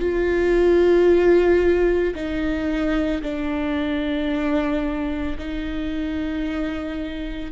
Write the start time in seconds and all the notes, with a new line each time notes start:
0.00 F4
2.15 D#4
3.22 D4
5.38 D#4